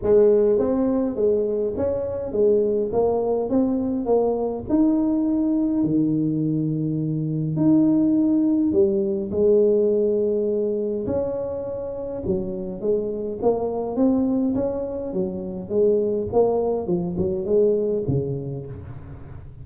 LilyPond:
\new Staff \with { instrumentName = "tuba" } { \time 4/4 \tempo 4 = 103 gis4 c'4 gis4 cis'4 | gis4 ais4 c'4 ais4 | dis'2 dis2~ | dis4 dis'2 g4 |
gis2. cis'4~ | cis'4 fis4 gis4 ais4 | c'4 cis'4 fis4 gis4 | ais4 f8 fis8 gis4 cis4 | }